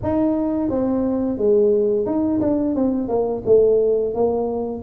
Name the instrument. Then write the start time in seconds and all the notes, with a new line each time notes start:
tuba
0.03 D#4
0.69 C4
1.37 G#3
2.06 D#4
2.40 D4
2.75 C4
3.08 A#3
3.45 A3
4.14 A#3